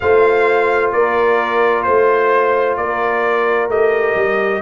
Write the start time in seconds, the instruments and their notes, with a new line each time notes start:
0.00 tuba A3, trombone F4, horn C5, trumpet F5
0.92 tuba A#3, horn A#4, trumpet D5
1.82 tuba A3, trumpet C5, horn C5
2.76 tuba A#3, horn A#4, trumpet D5
3.68 tuba A3, trombone G4, trumpet D#5
4.15 tuba G3